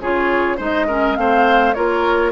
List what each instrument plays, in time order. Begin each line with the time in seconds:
0.00 bassoon C#3, clarinet F4, oboe G#4, flute C#5
0.57 bassoon G#3, clarinet D#4, oboe C5, flute D#5
0.87 clarinet C#4, oboe A#4
1.15 bassoon A3, clarinet C4, oboe C5, flute F5
1.73 bassoon A#3, clarinet F4, oboe A#4, flute C#5